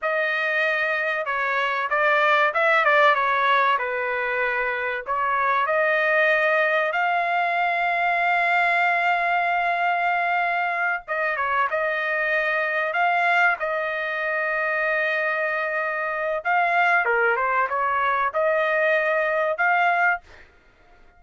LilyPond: \new Staff \with { instrumentName = "trumpet" } { \time 4/4 \tempo 4 = 95 dis''2 cis''4 d''4 | e''8 d''8 cis''4 b'2 | cis''4 dis''2 f''4~ | f''1~ |
f''4. dis''8 cis''8 dis''4.~ | dis''8 f''4 dis''2~ dis''8~ | dis''2 f''4 ais'8 c''8 | cis''4 dis''2 f''4 | }